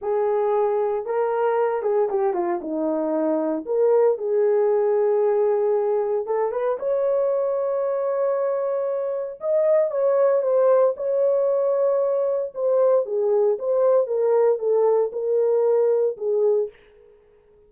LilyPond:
\new Staff \with { instrumentName = "horn" } { \time 4/4 \tempo 4 = 115 gis'2 ais'4. gis'8 | g'8 f'8 dis'2 ais'4 | gis'1 | a'8 b'8 cis''2.~ |
cis''2 dis''4 cis''4 | c''4 cis''2. | c''4 gis'4 c''4 ais'4 | a'4 ais'2 gis'4 | }